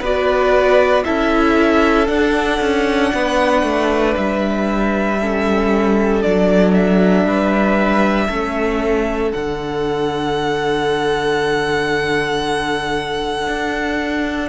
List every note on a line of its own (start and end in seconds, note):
0.00 1.04 B3
0.00 1.05 F#4
0.00 1.03 B4
0.00 1.04 D5
1.04 2.08 C#4
1.04 2.07 E4
1.04 3.12 A4
1.04 2.07 E5
2.07 5.17 D4
2.07 2.60 D4
2.07 4.14 F#5
2.60 3.12 C#4
3.14 3.62 B3
3.14 5.20 B4
3.62 4.14 A3
4.17 6.24 G3
4.17 6.22 E5
5.20 6.22 C#4
5.20 7.27 A4
6.22 7.25 F#3
6.22 8.29 D4
6.22 6.73 D5
6.73 9.31 E5
7.25 8.28 G3
7.25 8.27 B4
8.27 9.32 A3
8.27 9.33 C#4
8.27 14.47 A4
9.31 13.47 D3
9.31 14.49 D4
9.31 14.49 F#5
13.47 14.49 D4